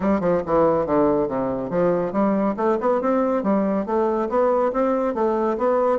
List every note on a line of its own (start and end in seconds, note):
0.00 0.20 G3
0.20 0.41 F3
0.46 0.86 E3
0.86 1.28 D3
1.28 1.69 C3
1.69 2.12 F3
2.12 2.55 G3
2.56 2.78 A3
2.80 3.01 B3
3.01 3.43 C4
3.43 3.86 G3
3.86 4.28 A3
4.29 4.72 B3
4.72 5.14 C4
5.14 5.57 A3
5.57 5.98 B3